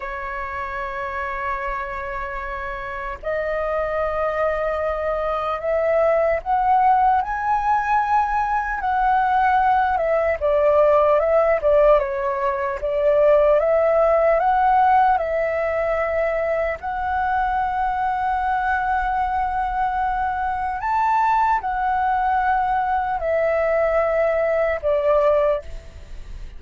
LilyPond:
\new Staff \with { instrumentName = "flute" } { \time 4/4 \tempo 4 = 75 cis''1 | dis''2. e''4 | fis''4 gis''2 fis''4~ | fis''8 e''8 d''4 e''8 d''8 cis''4 |
d''4 e''4 fis''4 e''4~ | e''4 fis''2.~ | fis''2 a''4 fis''4~ | fis''4 e''2 d''4 | }